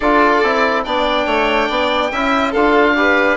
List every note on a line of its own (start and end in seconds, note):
0.00 0.43 D4
0.00 0.43 F4
0.00 0.84 A4
0.00 0.83 D5
0.43 0.85 C4
0.43 0.85 E4
0.83 1.26 B3
0.83 2.12 D4
0.83 1.26 D5
0.83 2.52 G5
1.26 1.68 A3
1.26 1.68 C#5
1.68 2.11 B3
1.68 2.10 D5
2.12 2.54 C#4
2.12 2.55 E4
2.12 2.51 E5
2.51 3.36 D4
2.51 2.96 F4
2.51 2.93 A4
2.51 3.36 F5
2.96 3.36 G4
2.96 3.36 B4